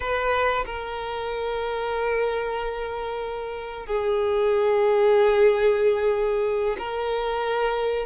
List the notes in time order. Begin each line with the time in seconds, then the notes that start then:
0.00 B4
0.65 A#4
3.86 G#4
6.78 A#4